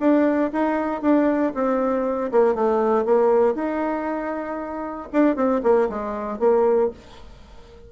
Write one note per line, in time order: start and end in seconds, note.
0.00 0.51 D4
0.52 1.02 D#4
1.02 1.53 D4
1.54 2.31 C4
2.31 2.55 A#3
2.55 3.05 A3
3.05 3.55 A#3
3.55 5.09 D#4
5.13 5.36 D4
5.36 5.62 C4
5.63 5.89 A#3
5.89 6.39 G#3
6.39 6.90 A#3